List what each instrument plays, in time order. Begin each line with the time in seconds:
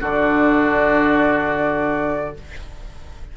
0.00 bassoon D3, clarinet D4, oboe F#4, flute D5